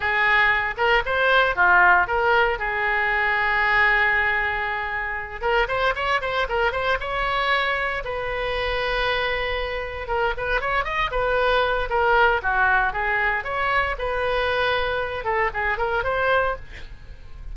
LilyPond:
\new Staff \with { instrumentName = "oboe" } { \time 4/4 \tempo 4 = 116 gis'4. ais'8 c''4 f'4 | ais'4 gis'2.~ | gis'2~ gis'8 ais'8 c''8 cis''8 | c''8 ais'8 c''8 cis''2 b'8~ |
b'2.~ b'8 ais'8 | b'8 cis''8 dis''8 b'4. ais'4 | fis'4 gis'4 cis''4 b'4~ | b'4. a'8 gis'8 ais'8 c''4 | }